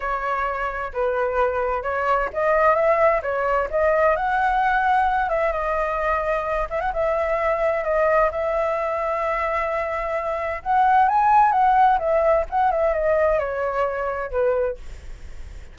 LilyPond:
\new Staff \with { instrumentName = "flute" } { \time 4/4 \tempo 4 = 130 cis''2 b'2 | cis''4 dis''4 e''4 cis''4 | dis''4 fis''2~ fis''8 e''8 | dis''2~ dis''8 e''16 fis''16 e''4~ |
e''4 dis''4 e''2~ | e''2. fis''4 | gis''4 fis''4 e''4 fis''8 e''8 | dis''4 cis''2 b'4 | }